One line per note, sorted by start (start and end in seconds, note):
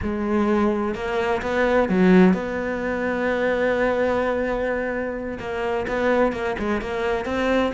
0.02 0.94 G#3
0.94 1.41 A#3
1.42 1.88 B3
1.88 2.33 F#3
2.33 5.38 B3
5.39 5.86 A#3
5.87 6.32 B3
6.32 6.56 A#3
6.58 6.81 G#3
6.81 7.25 A#3
7.25 7.72 C4